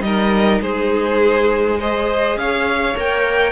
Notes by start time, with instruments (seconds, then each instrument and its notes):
0.00 cello G3, viola D#4, violin A#4 D#5
0.61 cello G#3, violin G#4 C5
1.79 viola G#4, violin C5 D#5
2.36 cello C#4, violin C#5 F5
2.96 cello A#3, viola A#4, violin G5